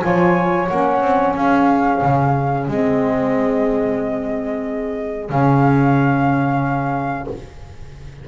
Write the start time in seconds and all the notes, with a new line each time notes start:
0.00 F3 F4 C#5 G#5
0.68 A#3 C#4 F#5
1.01 C4
1.33 C#4 G#4 F5
2.02 C#3
2.67 G#3 C4 D#5
5.29 C#3 C#4 F5